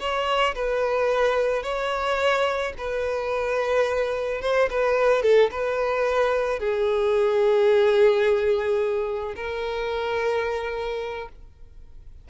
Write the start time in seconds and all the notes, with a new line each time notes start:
0.00 C#5
0.55 B4
1.63 C#5
2.78 B4
4.42 C5
4.71 B4
5.23 A4
5.51 B4
6.60 G#4
9.36 A#4